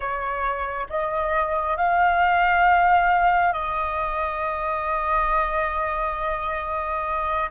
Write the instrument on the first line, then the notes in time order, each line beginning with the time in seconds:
flute
0.00 C#5
0.89 D#5
1.76 F5
3.53 D#5